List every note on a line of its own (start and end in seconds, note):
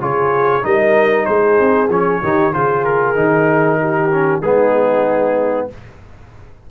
0.00 0.63 C#3
0.00 0.62 F4
0.00 0.64 G#4
0.00 0.65 C#5
0.62 1.27 G3
0.62 1.88 D#4
0.62 1.26 A#4
0.62 1.25 D#5
1.25 1.59 G#3
1.25 2.21 G#4
1.25 1.88 C5
1.59 1.88 C4
1.88 2.20 F3
1.88 2.23 C#4
1.88 2.53 C#5
2.22 2.54 D#3
2.22 2.53 D#4
2.22 2.53 G4
2.53 3.16 C#3
2.53 3.15 F4
2.53 3.79 G#4
2.53 2.84 C5
2.84 4.41 A#4
3.15 4.41 D#3
3.15 4.10 D#4
3.80 4.42 G4
4.11 4.42 C#4
4.41 5.68 G#3
4.41 5.70 B3
4.41 5.69 D#4
4.41 5.67 G#4